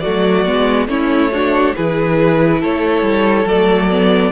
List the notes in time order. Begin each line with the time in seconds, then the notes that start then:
0.00 A3 F#4 D5
0.07 F#3
0.46 G#3 B3
0.88 A3 C#4 E4 C#5
1.32 D4 F#4
1.76 E3 E4 G#4 B4
2.61 A3 A4 C#5
3.02 G3
3.46 F#3 A3 D5
3.91 B3